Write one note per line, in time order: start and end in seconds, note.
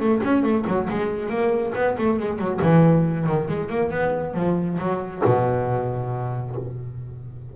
0.00 0.22 A3
0.24 0.43 C#4
0.43 0.65 A3
0.67 0.89 F#3
0.90 1.29 G#3
1.29 1.73 A#3
1.75 1.97 B3
1.98 2.20 A3
2.20 2.39 G#3
2.39 2.60 F#3
2.62 3.27 E3
3.27 3.49 D#3
3.49 3.70 G#3
3.70 3.91 A#3
3.91 4.35 B3
4.35 4.78 F3
4.79 5.23 F#3
5.25 6.56 B2